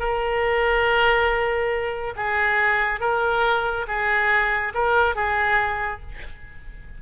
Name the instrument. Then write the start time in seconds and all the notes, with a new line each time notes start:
oboe
0.00 A#4
2.17 G#4
3.01 A#4
3.88 G#4
4.75 A#4
5.16 G#4